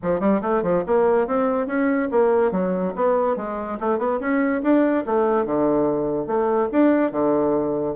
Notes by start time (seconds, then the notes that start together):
0.02 F3
0.20 G3
0.41 A3
0.62 F3
0.86 A#3
1.27 C4
1.66 C#4
2.11 A#3
2.51 F#3
2.95 B3
3.36 G#3
3.80 A3
3.98 B3
4.20 C#4
4.62 D4
5.06 A3
5.45 D3
6.27 A3
6.72 D4
7.11 D3